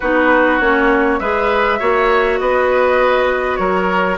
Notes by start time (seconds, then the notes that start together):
0.00 B3 D#4 F#4 B4
0.59 A#3 C#4 C#5
1.19 G#3 G#4 B4 E5
1.79 A#3 F#4 C#5
2.39 B3 B4 D#5
3.56 F#3 A#4 C#5